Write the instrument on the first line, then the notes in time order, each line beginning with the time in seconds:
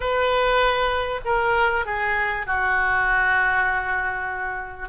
oboe
0.00 B4
1.24 A#4
1.85 G#4
2.46 F#4